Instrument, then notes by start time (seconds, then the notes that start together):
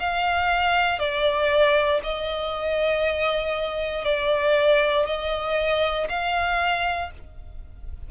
violin
0.00 F5
0.99 D5
2.04 D#5
4.05 D5
5.07 D#5
6.09 F5